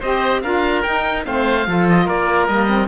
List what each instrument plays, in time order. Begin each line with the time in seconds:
0.00 cello C4, saxophone G4, oboe C5 D#5
0.42 cello D4, saxophone F4, oboe A#4 F5
0.82 saxophone D#4, cello D#4, oboe G5
1.25 cello A3, saxophone C4, oboe C5 F5
1.67 cello F3, saxophone F4, oboe A4
1.89 oboe D#5
2.05 cello A#3, oboe A#4 D5
2.47 cello G3, saxophone A#3, oboe D#5
2.68 saxophone C4